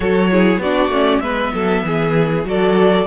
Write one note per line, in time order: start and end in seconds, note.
0.00 0.58 F#3
0.00 0.30 F#4
0.00 0.30 A4
0.00 0.60 C#5
0.30 0.61 E4
0.30 0.62 G#4
0.58 0.88 B3
0.58 0.91 D4
0.58 1.22 F#4
0.58 1.20 D5
0.89 1.19 A3
0.89 1.22 C#4
1.20 1.51 G#3
1.20 2.45 B3
1.20 1.53 B4
1.20 2.42 E5
1.53 1.83 F#3
1.53 1.84 A4
1.83 2.44 E3
1.83 2.47 G#4
2.44 3.05 F#3
2.44 3.06 F#4
2.44 3.06 A4
2.44 3.06 D5